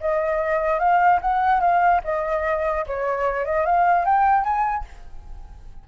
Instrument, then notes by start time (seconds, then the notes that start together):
flute
0.00 D#5
0.79 F5
1.21 F#5
1.60 F5
2.04 D#5
2.86 C#5
3.45 D#5
3.65 F5
4.05 G5
4.43 G#5